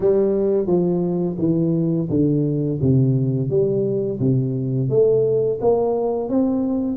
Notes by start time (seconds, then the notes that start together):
0.00 G3
0.66 F3
1.38 E3
2.09 D3
2.81 C3
3.49 G3
4.19 C3
4.89 A3
5.60 A#3
6.29 C4